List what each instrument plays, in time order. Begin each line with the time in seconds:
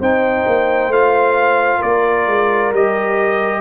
0.00 tuba C4, trombone D#4, horn C5, trumpet G5
0.47 tuba A#3
0.88 tuba A3, trombone F4, trumpet F5
1.79 tuba A#3, horn A#4, trumpet D5
2.27 tuba G#3
2.72 tuba G3, trombone G4, trumpet D#5